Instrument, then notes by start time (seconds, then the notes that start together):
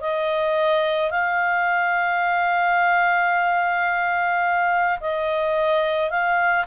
clarinet
0.00 D#5
1.10 F5
5.00 D#5
6.10 F5